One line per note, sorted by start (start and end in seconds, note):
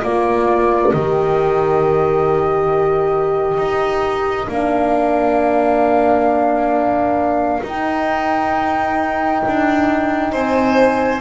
0.00 0.92 A#3
0.00 0.93 F4
0.00 10.30 A#4
0.00 0.92 D5
0.92 3.58 D#3
0.92 4.49 G4
0.92 4.50 D#5
3.58 4.47 D#4
4.48 7.61 A#3
4.48 7.62 D4
4.48 7.65 F5
7.63 9.42 D#4
7.63 11.21 D#4
7.63 10.31 G5
9.47 10.32 D4
10.31 11.21 C4
10.31 11.21 C5
10.31 11.21 G#5